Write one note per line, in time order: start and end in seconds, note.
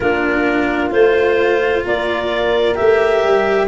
0.00 0.91 A#3
0.00 0.90 D4
0.00 1.83 F4
0.00 0.90 A#4
0.90 1.84 A3
0.90 2.74 F4
0.90 1.83 C5
1.84 2.77 A#3
1.84 3.68 A#4
1.84 2.75 D5
2.74 3.23 A3
2.74 3.67 G4
2.74 3.67 E5
3.23 3.68 G3